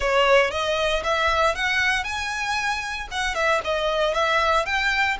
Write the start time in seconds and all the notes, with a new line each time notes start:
0.00 C#5
0.51 D#5
1.03 E5
1.55 F#5
2.04 G#5
3.11 F#5
3.35 E5
3.64 D#5
4.14 E5
4.65 G5